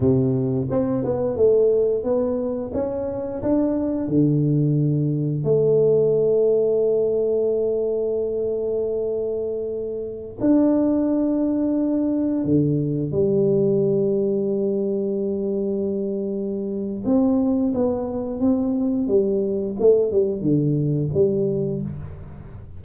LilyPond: \new Staff \with { instrumentName = "tuba" } { \time 4/4 \tempo 4 = 88 c4 c'8 b8 a4 b4 | cis'4 d'4 d2 | a1~ | a2.~ a16 d'8.~ |
d'2~ d'16 d4 g8.~ | g1~ | g4 c'4 b4 c'4 | g4 a8 g8 d4 g4 | }